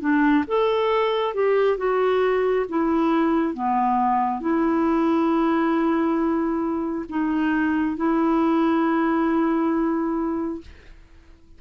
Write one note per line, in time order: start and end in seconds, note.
0.00 0.44 D4
0.47 1.34 A4
1.34 1.77 G4
1.77 2.66 F#4
2.69 3.54 E4
3.54 4.40 B3
4.40 7.05 E4
7.09 7.96 D#4
7.96 10.61 E4